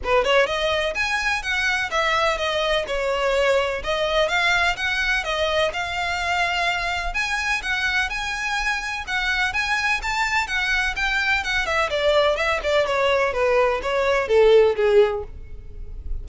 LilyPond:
\new Staff \with { instrumentName = "violin" } { \time 4/4 \tempo 4 = 126 b'8 cis''8 dis''4 gis''4 fis''4 | e''4 dis''4 cis''2 | dis''4 f''4 fis''4 dis''4 | f''2. gis''4 |
fis''4 gis''2 fis''4 | gis''4 a''4 fis''4 g''4 | fis''8 e''8 d''4 e''8 d''8 cis''4 | b'4 cis''4 a'4 gis'4 | }